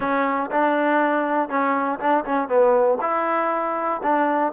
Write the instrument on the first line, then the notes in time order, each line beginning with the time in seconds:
trombone
0.00 C#4
0.51 D4
1.49 C#4
1.99 D4
2.25 C#4
2.48 B3
3.01 E4
4.02 D4